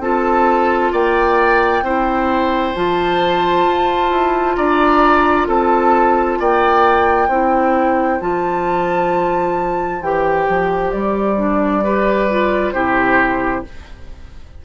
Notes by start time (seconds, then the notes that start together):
0.00 C4 F4 A4 A5
0.93 A#3 D5 G5
1.83 C4 E4 C5
2.75 F3 F4 A5
3.67 F4
4.11 E4
4.55 D4 D5 A#5
5.47 C4 A4 A5
6.40 A#3 D5 G5
7.29 C4 E4 C5
8.20 F3 F4 A5
10.01 E3 G4 G5
10.48 F3
10.92 G3 D5
11.37 D4
11.84 G4 B4
12.30 F4
12.72 C3 E4 G4 C5